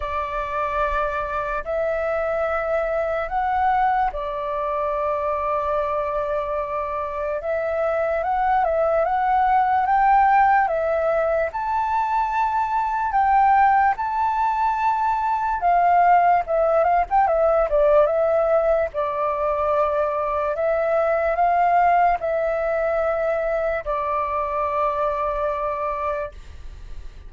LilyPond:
\new Staff \with { instrumentName = "flute" } { \time 4/4 \tempo 4 = 73 d''2 e''2 | fis''4 d''2.~ | d''4 e''4 fis''8 e''8 fis''4 | g''4 e''4 a''2 |
g''4 a''2 f''4 | e''8 f''16 g''16 e''8 d''8 e''4 d''4~ | d''4 e''4 f''4 e''4~ | e''4 d''2. | }